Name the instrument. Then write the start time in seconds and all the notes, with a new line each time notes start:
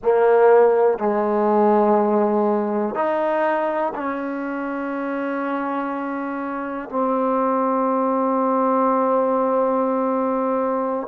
trombone
0.02 A#3
0.98 G#3
2.95 D#4
3.94 C#4
6.89 C4